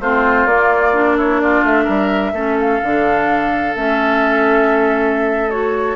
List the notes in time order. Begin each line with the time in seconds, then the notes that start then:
0.00 A3 C4 F4 C5
0.45 A#3 D5
0.93 D4
1.16 E4 C#5
1.40 F4 D5
1.63 A3 E5
1.84 G3 A#4
2.32 A3 C#4 A4
2.59 F5
2.83 D3 D4
3.75 A3 C#4 E5
5.50 F#4 C#5